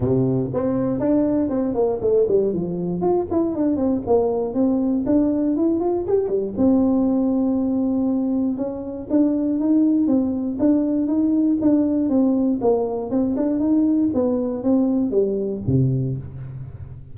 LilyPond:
\new Staff \with { instrumentName = "tuba" } { \time 4/4 \tempo 4 = 119 c4 c'4 d'4 c'8 ais8 | a8 g8 f4 f'8 e'8 d'8 c'8 | ais4 c'4 d'4 e'8 f'8 | g'8 g8 c'2.~ |
c'4 cis'4 d'4 dis'4 | c'4 d'4 dis'4 d'4 | c'4 ais4 c'8 d'8 dis'4 | b4 c'4 g4 c4 | }